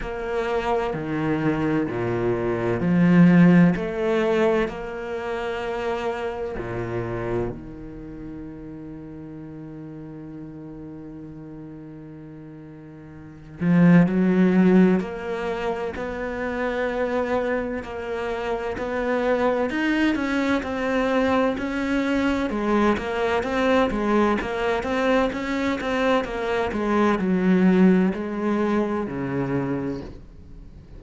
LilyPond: \new Staff \with { instrumentName = "cello" } { \time 4/4 \tempo 4 = 64 ais4 dis4 ais,4 f4 | a4 ais2 ais,4 | dis1~ | dis2~ dis8 f8 fis4 |
ais4 b2 ais4 | b4 dis'8 cis'8 c'4 cis'4 | gis8 ais8 c'8 gis8 ais8 c'8 cis'8 c'8 | ais8 gis8 fis4 gis4 cis4 | }